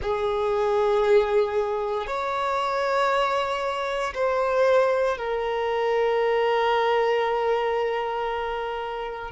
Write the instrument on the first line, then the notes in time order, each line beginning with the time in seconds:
violin
0.02 G#4
2.06 C#5
4.14 C5
5.17 A#4